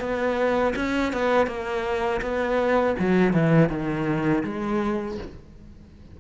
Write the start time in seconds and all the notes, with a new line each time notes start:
0.00 B3
0.76 C#4
1.13 B3
1.47 A#3
2.22 B3
2.99 F#3
3.33 E3
3.69 D#3
4.43 G#3